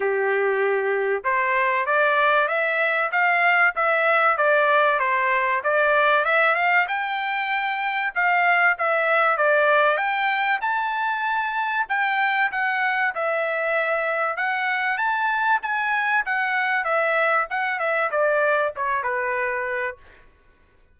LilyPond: \new Staff \with { instrumentName = "trumpet" } { \time 4/4 \tempo 4 = 96 g'2 c''4 d''4 | e''4 f''4 e''4 d''4 | c''4 d''4 e''8 f''8 g''4~ | g''4 f''4 e''4 d''4 |
g''4 a''2 g''4 | fis''4 e''2 fis''4 | a''4 gis''4 fis''4 e''4 | fis''8 e''8 d''4 cis''8 b'4. | }